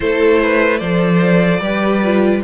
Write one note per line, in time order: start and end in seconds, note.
0.00 0.80 A3
0.00 0.81 E4
0.00 0.41 A4
0.00 0.78 C5
0.42 0.79 B4
0.78 1.60 F3
0.78 1.62 A4
0.78 1.60 C5
0.78 2.40 D5
1.60 2.41 G3
1.60 2.03 G4
1.60 2.42 B4
2.03 2.43 F4